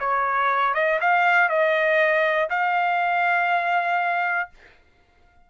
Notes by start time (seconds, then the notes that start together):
0.00 C#5
0.75 D#5
1.01 F5
1.49 D#5
2.50 F5